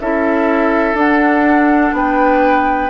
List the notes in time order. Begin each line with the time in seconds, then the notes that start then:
0.00 C#4 E4 A4 E5
0.94 D4 F#5
1.93 B3 B4 G5